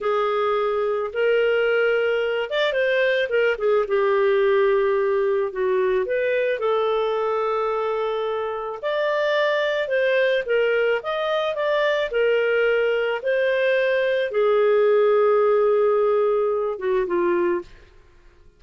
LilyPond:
\new Staff \with { instrumentName = "clarinet" } { \time 4/4 \tempo 4 = 109 gis'2 ais'2~ | ais'8 d''8 c''4 ais'8 gis'8 g'4~ | g'2 fis'4 b'4 | a'1 |
d''2 c''4 ais'4 | dis''4 d''4 ais'2 | c''2 gis'2~ | gis'2~ gis'8 fis'8 f'4 | }